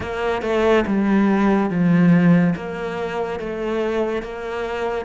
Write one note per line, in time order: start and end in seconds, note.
0.00 0.42 A#3
0.42 0.84 A3
0.86 1.69 G3
1.69 2.54 F3
2.55 3.39 A#3
3.39 4.22 A3
4.22 5.05 A#3